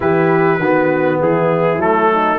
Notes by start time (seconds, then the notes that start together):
0.00 E3 E4 G4 B4
0.58 D#3 B3 F#4
1.21 E3 E4 G#4
1.77 F#3 A3 A4
2.12 D#4